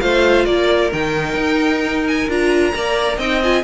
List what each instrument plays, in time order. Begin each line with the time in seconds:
0.00 cello A3, viola F4, violin C5 F5
0.45 cello A#3, violin A#4 D5
0.93 cello D#3, viola D#4, violin G5
1.35 cello D#4
2.07 violin G#5
2.28 cello D4, viola F4, violin A#5
2.73 cello A#3, viola A#4, violin D5
3.17 cello C4, viola D#4, violin D#5 G5
3.43 viola F4, violin G#5